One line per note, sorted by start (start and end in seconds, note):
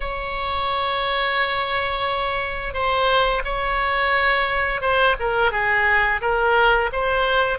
0.00 2.73 C#5
2.73 3.42 C5
3.44 4.81 C#5
4.81 5.15 C5
5.19 5.51 A#4
5.51 6.20 G#4
6.21 6.90 A#4
6.92 7.58 C5